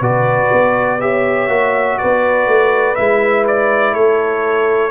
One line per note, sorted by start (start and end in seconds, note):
0.00 0.50 B2
0.00 1.00 F#4
0.00 0.98 B4
0.00 1.01 D5
0.52 1.49 B3
1.00 1.49 G4
1.00 2.00 C#5
1.00 1.98 E5
1.49 1.98 A#3
1.49 2.97 F#4
1.98 2.48 B3
1.98 3.94 B4
1.98 2.95 D5
2.48 2.97 A3
2.95 3.96 G#3
2.95 4.92 E4
2.95 3.45 E5
3.48 3.94 D5
3.94 4.92 A3
3.94 4.92 A4
3.94 4.92 C#5